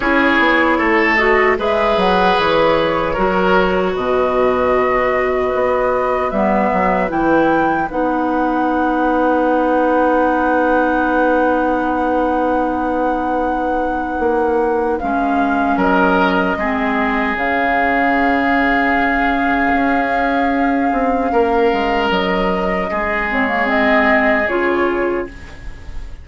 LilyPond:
<<
  \new Staff \with { instrumentName = "flute" } { \time 4/4 \tempo 4 = 76 cis''4. dis''8 e''8 fis''8 cis''4~ | cis''4 dis''2. | e''4 g''4 fis''2~ | fis''1~ |
fis''2. f''4 | dis''2 f''2~ | f''1 | dis''4. cis''8 dis''4 cis''4 | }
  \new Staff \with { instrumentName = "oboe" } { \time 4/4 gis'4 a'4 b'2 | ais'4 b'2.~ | b'1~ | b'1~ |
b'1 | ais'4 gis'2.~ | gis'2. ais'4~ | ais'4 gis'2. | }
  \new Staff \with { instrumentName = "clarinet" } { \time 4/4 e'4. fis'8 gis'2 | fis'1 | b4 e'4 dis'2~ | dis'1~ |
dis'2. cis'4~ | cis'4 c'4 cis'2~ | cis'1~ | cis'4. c'16 ais16 c'4 f'4 | }
  \new Staff \with { instrumentName = "bassoon" } { \time 4/4 cis'8 b8 a4 gis8 fis8 e4 | fis4 b,2 b4 | g8 fis8 e4 b2~ | b1~ |
b2 ais4 gis4 | fis4 gis4 cis2~ | cis4 cis'4. c'8 ais8 gis8 | fis4 gis2 cis4 | }
>>